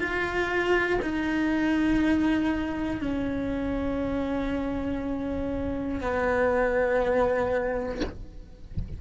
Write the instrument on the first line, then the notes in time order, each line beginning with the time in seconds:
cello
0.00 F4
1.02 D#4
3.00 C#4
6.01 B3